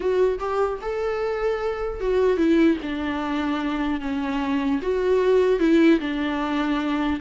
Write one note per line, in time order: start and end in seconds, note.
0.00 0.38 F#4
0.39 0.79 G4
0.81 2.00 A4
2.00 2.37 F#4
2.37 2.77 E4
2.82 4.00 D4
4.00 4.80 C#4
4.81 5.59 F#4
5.59 5.99 E4
5.99 7.19 D4